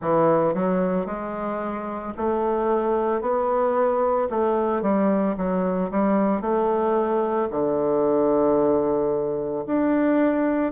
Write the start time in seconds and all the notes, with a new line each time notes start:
0.01 E3
0.54 F#3
1.06 G#3
2.17 A3
3.21 B3
4.30 A3
4.82 G3
5.37 F#3
5.90 G3
6.41 A3
7.50 D3
9.66 D4